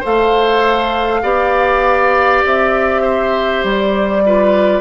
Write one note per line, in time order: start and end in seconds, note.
0.00 1.23 A4
0.00 1.20 C5
0.00 2.46 F5
0.06 1.23 A3
1.23 2.43 B3
1.23 4.23 G4
1.23 3.02 D5
2.46 3.64 C4
2.46 3.66 E5
3.02 4.22 C5
3.64 4.81 G3
3.64 4.81 D5
4.26 4.81 F4
4.26 4.81 B4